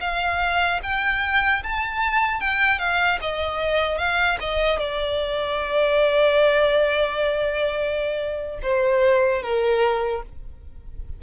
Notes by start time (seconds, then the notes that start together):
0.00 F5
0.82 G5
1.63 A5
2.40 G5
2.79 F5
3.21 D#5
3.98 F5
4.40 D#5
4.79 D5
8.62 C5
9.42 A#4